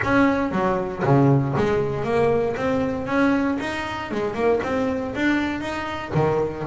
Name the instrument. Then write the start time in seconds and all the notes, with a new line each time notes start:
double bass
0.03 C#4
0.51 F#3
1.03 C#3
1.57 G#3
2.04 A#3
2.56 C4
3.06 C#4
3.59 D#4
4.11 G#3
4.34 A#3
4.63 C4
5.15 D4
5.60 D#4
6.14 D#3